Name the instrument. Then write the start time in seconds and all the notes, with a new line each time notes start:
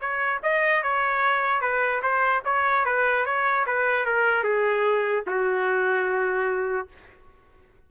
trumpet
0.00 C#5
0.42 D#5
0.82 C#5
1.61 B4
2.02 C5
2.45 C#5
2.85 B4
3.25 C#5
3.66 B4
4.05 A#4
4.43 G#4
5.26 F#4